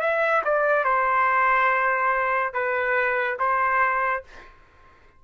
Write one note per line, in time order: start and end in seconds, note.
0.00 0.42 E5
0.45 0.84 D5
0.84 2.53 C5
2.53 3.38 B4
3.39 4.24 C5